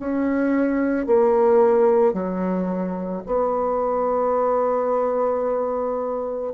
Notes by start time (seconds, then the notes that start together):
0.00 C#4
1.07 A#3
2.14 F#3
3.27 B3